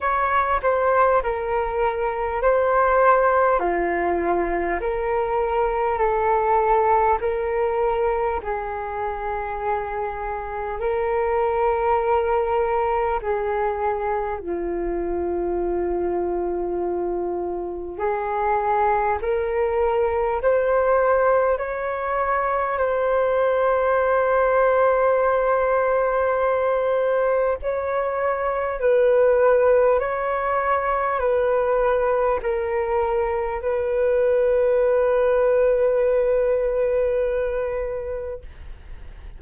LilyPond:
\new Staff \with { instrumentName = "flute" } { \time 4/4 \tempo 4 = 50 cis''8 c''8 ais'4 c''4 f'4 | ais'4 a'4 ais'4 gis'4~ | gis'4 ais'2 gis'4 | f'2. gis'4 |
ais'4 c''4 cis''4 c''4~ | c''2. cis''4 | b'4 cis''4 b'4 ais'4 | b'1 | }